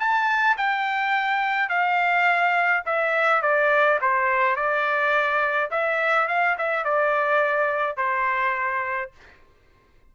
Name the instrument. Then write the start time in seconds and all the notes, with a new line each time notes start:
trumpet
0.00 A5
0.58 G5
1.69 F5
2.86 E5
3.42 D5
4.01 C5
4.56 D5
5.71 E5
6.28 F5
6.58 E5
6.85 D5
7.97 C5